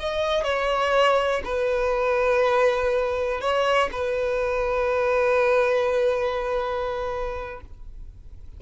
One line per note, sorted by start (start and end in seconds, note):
0.00 0.44 D#5
0.44 1.42 C#5
1.45 3.41 B4
3.41 3.90 C#5
3.92 7.61 B4